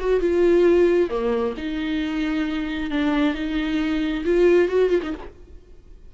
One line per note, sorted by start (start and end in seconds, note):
0.00 0.21 F#4
0.21 1.10 F4
1.10 1.54 A#3
1.58 2.91 D#4
2.91 3.35 D4
3.35 4.24 D#4
4.25 4.69 F4
4.69 4.90 F#4
4.90 5.01 F4
5.03 5.14 D#4